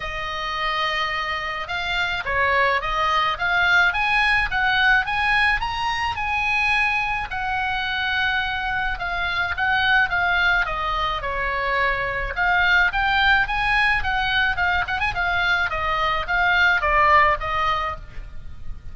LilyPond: \new Staff \with { instrumentName = "oboe" } { \time 4/4 \tempo 4 = 107 dis''2. f''4 | cis''4 dis''4 f''4 gis''4 | fis''4 gis''4 ais''4 gis''4~ | gis''4 fis''2. |
f''4 fis''4 f''4 dis''4 | cis''2 f''4 g''4 | gis''4 fis''4 f''8 fis''16 gis''16 f''4 | dis''4 f''4 d''4 dis''4 | }